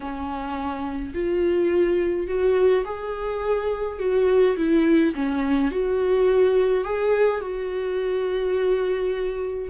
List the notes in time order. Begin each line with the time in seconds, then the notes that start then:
0.00 C#4
1.14 F4
2.27 F#4
2.84 G#4
3.99 F#4
4.56 E4
5.15 C#4
5.71 F#4
6.84 G#4
7.41 F#4